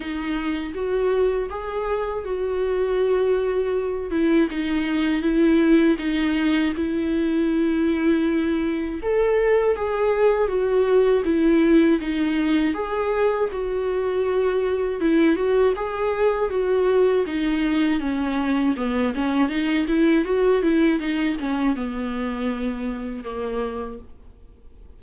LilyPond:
\new Staff \with { instrumentName = "viola" } { \time 4/4 \tempo 4 = 80 dis'4 fis'4 gis'4 fis'4~ | fis'4. e'8 dis'4 e'4 | dis'4 e'2. | a'4 gis'4 fis'4 e'4 |
dis'4 gis'4 fis'2 | e'8 fis'8 gis'4 fis'4 dis'4 | cis'4 b8 cis'8 dis'8 e'8 fis'8 e'8 | dis'8 cis'8 b2 ais4 | }